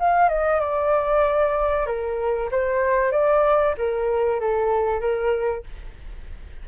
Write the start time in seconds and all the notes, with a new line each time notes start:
0.00 F5
0.29 D#5
0.61 D5
1.87 A#4
2.51 C5
3.12 D5
3.78 A#4
4.40 A4
5.01 A#4